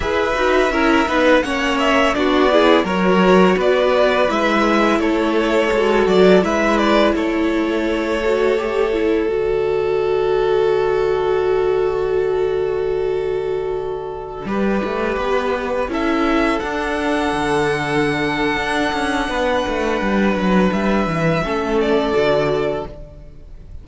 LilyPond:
<<
  \new Staff \with { instrumentName = "violin" } { \time 4/4 \tempo 4 = 84 e''2 fis''8 e''8 d''4 | cis''4 d''4 e''4 cis''4~ | cis''8 d''8 e''8 d''8 cis''2~ | cis''4 d''2.~ |
d''1~ | d''2~ d''16 e''4 fis''8.~ | fis''1~ | fis''4 e''4. d''4. | }
  \new Staff \with { instrumentName = "violin" } { \time 4/4 b'4 ais'8 b'8 cis''4 fis'8 gis'8 | ais'4 b'2 a'4~ | a'4 b'4 a'2~ | a'1~ |
a'1~ | a'16 b'2 a'4.~ a'16~ | a'2. b'4~ | b'2 a'2 | }
  \new Staff \with { instrumentName = "viola" } { \time 4/4 gis'8 fis'8 e'8 dis'8 cis'4 d'8 e'8 | fis'2 e'2 | fis'4 e'2~ e'8 fis'8 | g'8 e'8 fis'2.~ |
fis'1~ | fis'16 g'2 e'4 d'8.~ | d'1~ | d'2 cis'4 fis'4 | }
  \new Staff \with { instrumentName = "cello" } { \time 4/4 e'8 dis'8 cis'8 b8 ais4 b4 | fis4 b4 gis4 a4 | gis8 fis8 gis4 a2~ | a4 d2.~ |
d1~ | d16 g8 a8 b4 cis'4 d'8.~ | d'16 d4.~ d16 d'8 cis'8 b8 a8 | g8 fis8 g8 e8 a4 d4 | }
>>